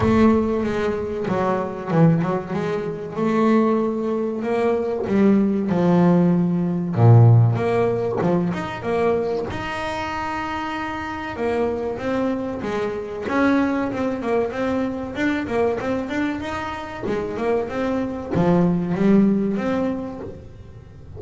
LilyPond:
\new Staff \with { instrumentName = "double bass" } { \time 4/4 \tempo 4 = 95 a4 gis4 fis4 e8 fis8 | gis4 a2 ais4 | g4 f2 ais,4 | ais4 f8 dis'8 ais4 dis'4~ |
dis'2 ais4 c'4 | gis4 cis'4 c'8 ais8 c'4 | d'8 ais8 c'8 d'8 dis'4 gis8 ais8 | c'4 f4 g4 c'4 | }